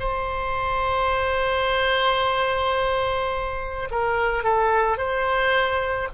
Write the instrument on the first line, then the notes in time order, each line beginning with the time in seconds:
oboe
0.00 C5
3.91 A#4
4.44 A4
4.97 C5